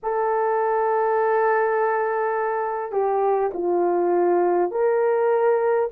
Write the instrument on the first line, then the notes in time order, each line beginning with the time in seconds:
horn
0.03 A4
2.91 G4
3.53 F4
4.71 A#4